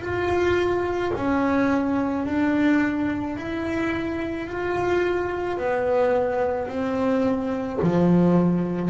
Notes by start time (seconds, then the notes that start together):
0.00 F4
1.15 C#4
2.25 D4
3.36 E4
4.47 F4
5.58 B3
6.68 C4
7.82 F3